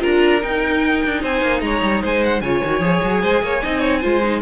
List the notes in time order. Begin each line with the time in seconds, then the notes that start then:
0.00 D4 F4 A#4 A#5
0.42 D#4 G5
1.05 D4
1.22 C4 C5 G#5
1.42 A#3
1.61 G#3 C#5 A#5
1.83 G3
2.03 G#3 C5 G#5
2.24 F#5
2.41 C#3 F4 C#5 G#5
2.64 D#3 F#4
2.81 F3 G#4
3.04 F#3
3.23 G#3 C5
3.42 A#3 C#5
3.64 C4 D#4 D#5
3.80 C#5
4.01 G#3 F4 C5
4.24 D#4